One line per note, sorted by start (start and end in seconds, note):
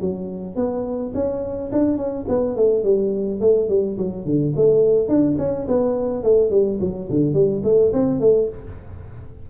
0.00 0.55 F#3
0.55 1.12 B3
1.14 1.71 C#4
1.72 1.97 D4
1.97 2.25 C#4
2.28 2.56 B3
2.56 2.83 A3
2.83 3.40 G3
3.40 3.68 A3
3.68 3.97 G3
3.97 4.25 F#3
4.25 4.53 D3
4.56 5.08 A3
5.08 5.36 D4
5.37 5.66 C#4
5.67 6.23 B3
6.23 6.50 A3
6.50 6.78 G3
6.80 7.08 F#3
7.10 7.33 D3
7.33 7.61 G3
7.63 7.92 A3
7.92 8.20 C4
8.20 8.48 A3